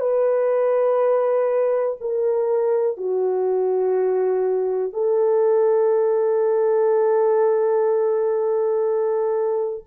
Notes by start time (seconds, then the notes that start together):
0.00 B4
2.01 A#4
2.97 F#4
4.93 A4